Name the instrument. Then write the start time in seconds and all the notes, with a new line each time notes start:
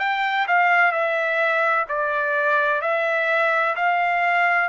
trumpet
0.00 G5
0.48 F5
0.92 E5
1.89 D5
2.82 E5
3.76 F5